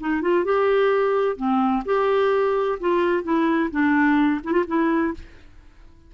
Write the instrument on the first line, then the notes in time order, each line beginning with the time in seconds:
clarinet
0.00 D#4
0.22 F4
0.44 G4
1.36 C4
1.85 G4
2.80 F4
3.23 E4
3.71 D4
4.44 E4
4.53 F4
4.67 E4